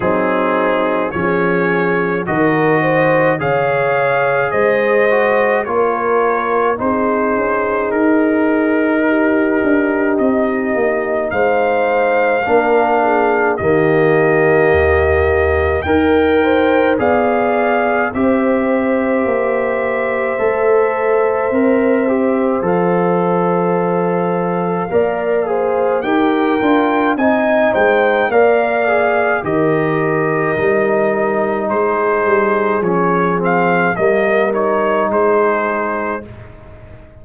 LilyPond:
<<
  \new Staff \with { instrumentName = "trumpet" } { \time 4/4 \tempo 4 = 53 gis'4 cis''4 dis''4 f''4 | dis''4 cis''4 c''4 ais'4~ | ais'4 dis''4 f''2 | dis''2 g''4 f''4 |
e''1 | f''2. g''4 | gis''8 g''8 f''4 dis''2 | c''4 cis''8 f''8 dis''8 cis''8 c''4 | }
  \new Staff \with { instrumentName = "horn" } { \time 4/4 dis'4 gis'4 ais'8 c''8 cis''4 | c''4 ais'4 gis'2 | g'2 c''4 ais'8 gis'8 | g'2 ais'8 c''8 d''4 |
c''1~ | c''2 d''8 c''8 ais'4 | dis''8 c''8 d''4 ais'2 | gis'2 ais'4 gis'4 | }
  \new Staff \with { instrumentName = "trombone" } { \time 4/4 c'4 cis'4 fis'4 gis'4~ | gis'8 fis'8 f'4 dis'2~ | dis'2. d'4 | ais2 ais'4 gis'4 |
g'2 a'4 ais'8 g'8 | a'2 ais'8 gis'8 g'8 f'8 | dis'4 ais'8 gis'8 g'4 dis'4~ | dis'4 cis'8 c'8 ais8 dis'4. | }
  \new Staff \with { instrumentName = "tuba" } { \time 4/4 fis4 f4 dis4 cis4 | gis4 ais4 c'8 cis'8 dis'4~ | dis'8 d'8 c'8 ais8 gis4 ais4 | dis4 dis,4 dis'4 b4 |
c'4 ais4 a4 c'4 | f2 ais4 dis'8 d'8 | c'8 gis8 ais4 dis4 g4 | gis8 g8 f4 g4 gis4 | }
>>